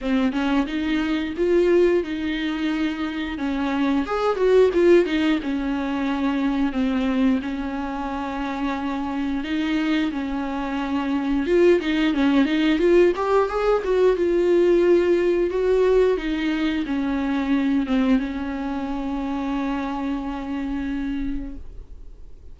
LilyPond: \new Staff \with { instrumentName = "viola" } { \time 4/4 \tempo 4 = 89 c'8 cis'8 dis'4 f'4 dis'4~ | dis'4 cis'4 gis'8 fis'8 f'8 dis'8 | cis'2 c'4 cis'4~ | cis'2 dis'4 cis'4~ |
cis'4 f'8 dis'8 cis'8 dis'8 f'8 g'8 | gis'8 fis'8 f'2 fis'4 | dis'4 cis'4. c'8 cis'4~ | cis'1 | }